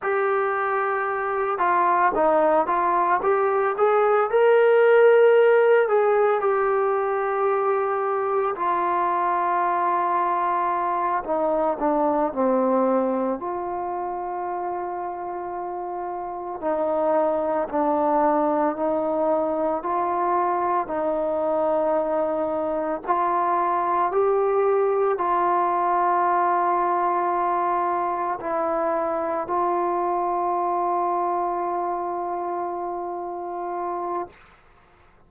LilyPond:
\new Staff \with { instrumentName = "trombone" } { \time 4/4 \tempo 4 = 56 g'4. f'8 dis'8 f'8 g'8 gis'8 | ais'4. gis'8 g'2 | f'2~ f'8 dis'8 d'8 c'8~ | c'8 f'2. dis'8~ |
dis'8 d'4 dis'4 f'4 dis'8~ | dis'4. f'4 g'4 f'8~ | f'2~ f'8 e'4 f'8~ | f'1 | }